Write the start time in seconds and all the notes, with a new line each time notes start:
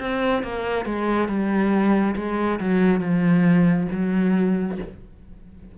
0.00 C4
0.43 A#3
0.86 G#3
1.28 G3
2.16 G#3
2.60 F#3
3.00 F3
3.92 F#3